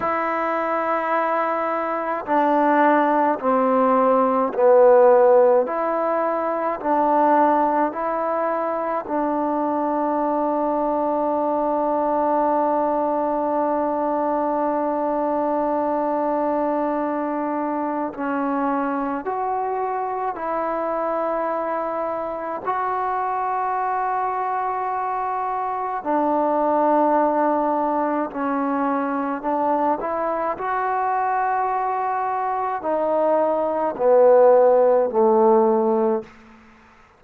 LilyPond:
\new Staff \with { instrumentName = "trombone" } { \time 4/4 \tempo 4 = 53 e'2 d'4 c'4 | b4 e'4 d'4 e'4 | d'1~ | d'1 |
cis'4 fis'4 e'2 | fis'2. d'4~ | d'4 cis'4 d'8 e'8 fis'4~ | fis'4 dis'4 b4 a4 | }